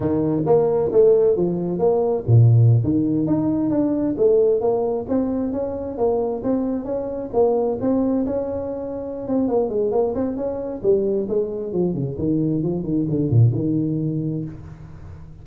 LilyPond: \new Staff \with { instrumentName = "tuba" } { \time 4/4 \tempo 4 = 133 dis4 ais4 a4 f4 | ais4 ais,4~ ais,16 dis4 dis'8.~ | dis'16 d'4 a4 ais4 c'8.~ | c'16 cis'4 ais4 c'4 cis'8.~ |
cis'16 ais4 c'4 cis'4.~ cis'16~ | cis'8 c'8 ais8 gis8 ais8 c'8 cis'4 | g4 gis4 f8 cis8 dis4 | f8 dis8 d8 ais,8 dis2 | }